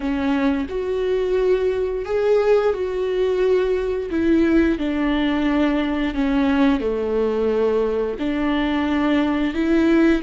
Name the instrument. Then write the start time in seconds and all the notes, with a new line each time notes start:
viola
0.00 C#4
0.69 F#4
2.05 G#4
2.73 F#4
4.10 E4
4.78 D4
6.14 C#4
6.80 A3
8.19 D4
9.54 E4